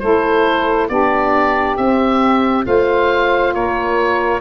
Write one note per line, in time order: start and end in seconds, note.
0.00 0.89 A3
0.00 0.89 E4
0.00 0.89 A4
0.00 0.88 C5
0.89 1.78 B3
0.89 1.78 D4
0.89 2.66 G4
0.89 1.77 D5
1.77 2.66 C4
1.77 2.63 C4
1.77 2.65 E5
2.63 3.55 A3
2.63 4.40 F4
2.63 3.53 C5
2.63 3.55 F5
3.53 4.42 A#3
3.53 4.42 A#4
3.53 4.42 C#5